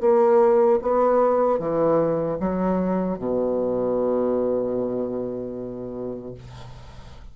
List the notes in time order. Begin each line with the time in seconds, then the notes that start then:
0.00 A#3
0.81 B3
1.59 E3
2.39 F#3
3.18 B2